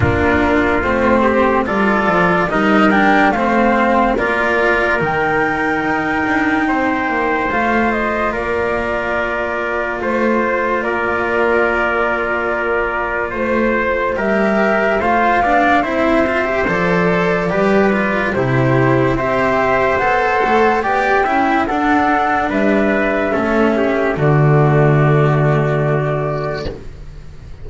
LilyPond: <<
  \new Staff \with { instrumentName = "flute" } { \time 4/4 \tempo 4 = 72 ais'4 c''4 d''4 dis''8 g''8 | f''4 d''4 g''2~ | g''4 f''8 dis''8 d''2 | c''4 d''2. |
c''4 e''4 f''4 e''4 | d''2 c''4 e''4 | fis''4 g''4 fis''4 e''4~ | e''4 d''2. | }
  \new Staff \with { instrumentName = "trumpet" } { \time 4/4 f'4. g'8 a'4 ais'4 | c''4 ais'2. | c''2 ais'2 | c''4 ais'2. |
c''4 ais'4 c''8 d''8 c''4~ | c''4 b'4 g'4 c''4~ | c''4 d''8 e''8 a'4 b'4 | a'8 g'8 fis'2. | }
  \new Staff \with { instrumentName = "cello" } { \time 4/4 d'4 c'4 f'4 dis'8 d'8 | c'4 f'4 dis'2~ | dis'4 f'2.~ | f'1~ |
f'4 g'4 f'8 d'8 e'8 f'16 g'16 | a'4 g'8 f'8 e'4 g'4 | a'4 g'8 e'8 d'2 | cis'4 a2. | }
  \new Staff \with { instrumentName = "double bass" } { \time 4/4 ais4 a4 g8 f8 g4 | a4 ais4 dis4 dis'8 d'8 | c'8 ais8 a4 ais2 | a4 ais2. |
a4 g4 a8 b8 c'4 | f4 g4 c4 c'4 | b8 a8 b8 cis'8 d'4 g4 | a4 d2. | }
>>